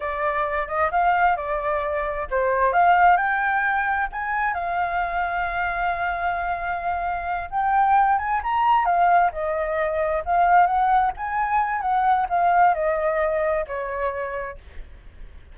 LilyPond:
\new Staff \with { instrumentName = "flute" } { \time 4/4 \tempo 4 = 132 d''4. dis''8 f''4 d''4~ | d''4 c''4 f''4 g''4~ | g''4 gis''4 f''2~ | f''1~ |
f''8 g''4. gis''8 ais''4 f''8~ | f''8 dis''2 f''4 fis''8~ | fis''8 gis''4. fis''4 f''4 | dis''2 cis''2 | }